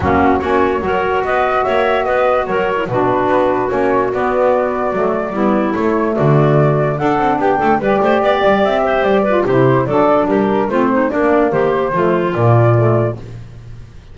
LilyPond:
<<
  \new Staff \with { instrumentName = "flute" } { \time 4/4 \tempo 4 = 146 fis'4 cis''2 dis''4 | e''4 dis''4 cis''4 b'4~ | b'4 cis''4 d''2~ | d''2 cis''4 d''4~ |
d''4 fis''4 g''4 d''4~ | d''4 e''4 d''4 c''4 | d''4 ais'4 c''4 d''4 | c''2 d''2 | }
  \new Staff \with { instrumentName = "clarinet" } { \time 4/4 cis'4 fis'4 ais'4 b'4 | cis''4 b'4 ais'4 fis'4~ | fis'1~ | fis'4 e'2 fis'4~ |
fis'4 a'4 g'8 a'8 b'8 c''8 | d''4. c''4 b'8 g'4 | a'4 g'4 f'8 dis'8 d'4 | g'4 f'2. | }
  \new Staff \with { instrumentName = "saxophone" } { \time 4/4 ais4 cis'4 fis'2~ | fis'2~ fis'8. e'16 d'4~ | d'4 cis'4 b2 | a4 b4 a2~ |
a4 d'2 g'4~ | g'2~ g'8 f'8 e'4 | d'2 c'4 ais4~ | ais4 a4 ais4 a4 | }
  \new Staff \with { instrumentName = "double bass" } { \time 4/4 fis4 ais4 fis4 b4 | ais4 b4 fis4 b,4 | b4 ais4 b2 | fis4 g4 a4 d4~ |
d4 d'8 c'8 b8 a8 g8 a8 | b8 g8 c'4 g4 c4 | fis4 g4 a4 ais4 | dis4 f4 ais,2 | }
>>